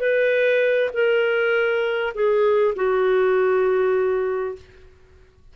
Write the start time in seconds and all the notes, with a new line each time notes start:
0.00 B4
0.94 A#4
2.14 G#4
2.76 F#4